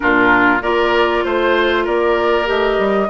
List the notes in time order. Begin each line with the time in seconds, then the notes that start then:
0.00 A#2 D4 F4 A#4
0.61 A#3 F4 A#4 D5
1.23 A3 C5
1.84 A#3 A#4 D5
2.45 A3 G4 D#5
2.78 G3